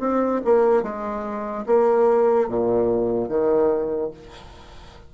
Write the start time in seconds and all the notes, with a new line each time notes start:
0.00 C4
0.45 A#3
0.83 G#3
1.67 A#3
2.48 A#2
3.29 D#3